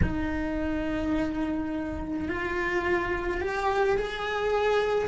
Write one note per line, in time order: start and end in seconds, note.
0.02 2.28 D#4
2.28 3.41 F4
3.41 3.97 G4
3.97 5.08 G#4